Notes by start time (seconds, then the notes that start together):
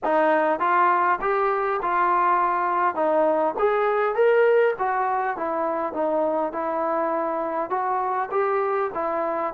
0.04 D#4
0.59 F4
1.21 G4
1.81 F4
2.95 D#4
3.58 G#4
4.14 A#4
4.78 F#4
5.36 E4
5.93 D#4
6.52 E4
7.70 F#4
8.31 G4
8.94 E4